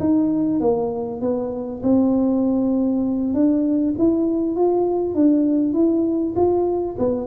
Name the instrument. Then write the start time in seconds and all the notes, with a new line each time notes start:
tuba
0.00 D#4
0.60 A#3
1.21 B3
1.83 C4
3.34 D4
3.98 E4
4.56 F4
5.15 D4
5.74 E4
6.36 F4
6.99 B3